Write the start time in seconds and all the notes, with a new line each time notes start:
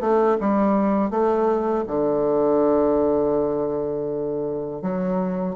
0.00 A3
0.40 G3
1.10 A3
1.87 D3
4.81 F#3